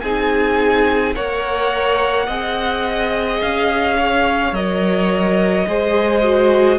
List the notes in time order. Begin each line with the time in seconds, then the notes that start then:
0.00 C4 D#4 G#4 G#5
1.15 A#3 A#4 C#5 F#5
2.26 C4 G#4 D#5
3.41 C#4 F5
3.98 C#5
4.52 F#3 A#4 D#5
5.67 G#3 G#4 C5
6.23 F#4